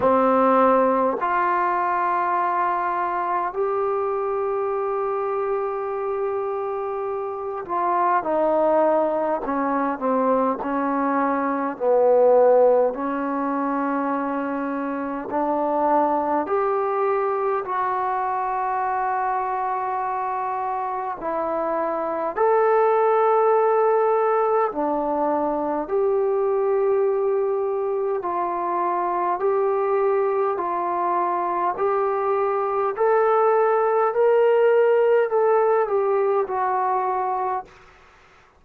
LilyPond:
\new Staff \with { instrumentName = "trombone" } { \time 4/4 \tempo 4 = 51 c'4 f'2 g'4~ | g'2~ g'8 f'8 dis'4 | cis'8 c'8 cis'4 b4 cis'4~ | cis'4 d'4 g'4 fis'4~ |
fis'2 e'4 a'4~ | a'4 d'4 g'2 | f'4 g'4 f'4 g'4 | a'4 ais'4 a'8 g'8 fis'4 | }